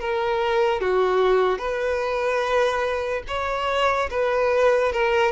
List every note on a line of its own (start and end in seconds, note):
0.00 0.81 A#4
0.81 1.58 F#4
1.58 3.23 B4
3.27 4.09 C#5
4.11 4.92 B4
4.92 5.32 A#4